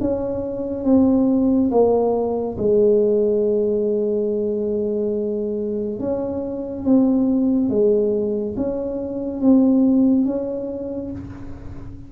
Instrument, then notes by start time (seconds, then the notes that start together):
tuba
0.00 C#4
0.84 C4
1.71 A#3
2.58 G#3
5.99 C#4
6.84 C4
7.69 G#3
8.56 C#4
9.40 C4
10.25 C#4